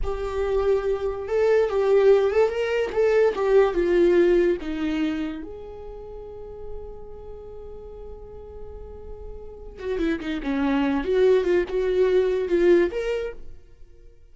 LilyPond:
\new Staff \with { instrumentName = "viola" } { \time 4/4 \tempo 4 = 144 g'2. a'4 | g'4. a'8 ais'4 a'4 | g'4 f'2 dis'4~ | dis'4 gis'2.~ |
gis'1~ | gis'2.~ gis'8 fis'8 | e'8 dis'8 cis'4. fis'4 f'8 | fis'2 f'4 ais'4 | }